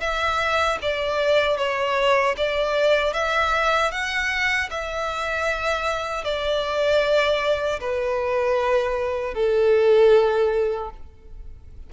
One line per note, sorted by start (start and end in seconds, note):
0.00 0.78 E5
0.81 1.57 D5
1.57 2.35 C#5
2.37 3.13 D5
3.13 3.91 E5
3.91 4.69 F#5
4.70 6.24 E5
6.24 7.80 D5
7.80 9.34 B4
9.34 10.90 A4